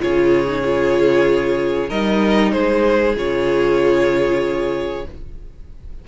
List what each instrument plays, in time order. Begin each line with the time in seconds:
0.00 cello C#3, viola F4, violin G#4 C#5
0.48 viola D#4
0.64 viola F4
1.89 cello G3, viola D#4, violin A#4 D#5
2.52 cello G#3, violin G#4 C5
3.16 cello C#3, viola F4, violin C#5